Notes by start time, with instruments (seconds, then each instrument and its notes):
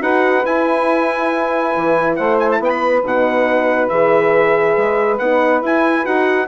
0.00 bassoon D#4, horn F#4, saxophone B4, trumpet F#5
0.45 bassoon E4, horn E4, trumpet G#5
1.76 bassoon E3
2.16 bassoon A3, saxophone C5, trumpet F#5
2.39 trumpet G#5
2.51 trumpet A5
2.59 bassoon B3, saxophone B4, trumpet G5
2.69 trumpet B5
3.03 bassoon B2, horn D#4, trumpet F#5
3.88 bassoon E3, horn G#4, trumpet E5
4.77 bassoon G#3
5.18 bassoon B3, horn D#4, trumpet F#5
5.62 bassoon E4, horn E4, trumpet G#5
6.03 bassoon D#4, horn F#4, trumpet F#5